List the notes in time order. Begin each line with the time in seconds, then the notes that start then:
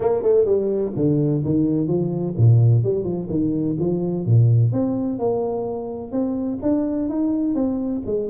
0.00 A#3
0.22 A3
0.45 G3
0.96 D3
1.44 D#3
1.87 F3
2.37 A#2
2.83 G3
3.04 F3
3.29 D#3
3.79 F3
4.25 A#2
4.72 C4
5.18 A#3
6.11 C4
6.62 D4
7.09 D#4
7.55 C4
8.06 G#3